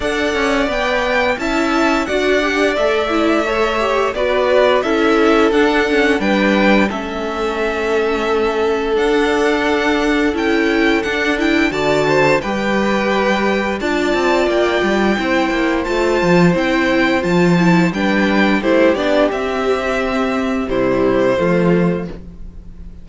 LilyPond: <<
  \new Staff \with { instrumentName = "violin" } { \time 4/4 \tempo 4 = 87 fis''4 g''4 a''4 fis''4 | e''2 d''4 e''4 | fis''4 g''4 e''2~ | e''4 fis''2 g''4 |
fis''8 g''8 a''4 g''2 | a''4 g''2 a''4 | g''4 a''4 g''4 c''8 d''8 | e''2 c''2 | }
  \new Staff \with { instrumentName = "violin" } { \time 4/4 d''2 e''4 d''4~ | d''4 cis''4 b'4 a'4~ | a'4 b'4 a'2~ | a'1~ |
a'4 d''8 c''8 b'2 | d''2 c''2~ | c''2 b'4 g'4~ | g'2 e'4 f'4 | }
  \new Staff \with { instrumentName = "viola" } { \time 4/4 a'4 b'4 e'4 fis'8 g'8 | a'8 e'8 a'8 g'8 fis'4 e'4 | d'8 cis'8 d'4 cis'2~ | cis'4 d'2 e'4 |
d'8 e'8 fis'4 g'2 | f'2 e'4 f'4 | e'4 f'8 e'8 d'4 e'8 d'8 | c'2 g4 a4 | }
  \new Staff \with { instrumentName = "cello" } { \time 4/4 d'8 cis'8 b4 cis'4 d'4 | a2 b4 cis'4 | d'4 g4 a2~ | a4 d'2 cis'4 |
d'4 d4 g2 | d'8 c'8 ais8 g8 c'8 ais8 a8 f8 | c'4 f4 g4 a8 b8 | c'2 c4 f4 | }
>>